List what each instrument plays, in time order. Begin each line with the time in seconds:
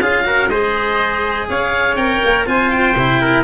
0.00 tuba C#4, cello F4, trumpet G#4, oboe F5
0.24 cello F#4, trumpet A#4
0.48 tuba G#3, cello G#4, trumpet C5, oboe D#5
1.49 tuba C#4, trumpet C#5, oboe F5
1.95 tuba C4, cello A#4, oboe G5
2.24 tuba A#3
2.46 tuba C4, cello F4, trumpet C5, oboe G#5
2.70 oboe G5
2.95 tuba C3, cello E4
3.20 trumpet A#4